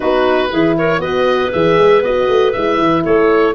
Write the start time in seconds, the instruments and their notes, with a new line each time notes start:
0.00 tuba B3, horn D#4, clarinet F#4, oboe B4
0.51 tuba E3, horn E4, clarinet G#4
0.77 clarinet A#4, oboe C#5
0.98 tuba B3, horn F#4, clarinet B4, oboe D#5
1.52 tuba E3, horn G#4, oboe E5
1.78 tuba G#3
2.02 tuba B3, horn F#4, oboe D#5
2.28 tuba A3
2.52 tuba G#3, horn E4, oboe E5
2.78 tuba E3
3.03 tuba A3, clarinet A4, oboe C#5